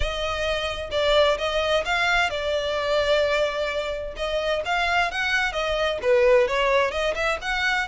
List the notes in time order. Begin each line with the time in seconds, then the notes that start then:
0.00 D#5
0.91 D5
1.37 D#5
1.85 F5
2.30 D5
4.16 D#5
4.65 F5
5.11 F#5
5.52 D#5
6.02 B4
6.47 C#5
6.91 D#5
7.14 E5
7.41 F#5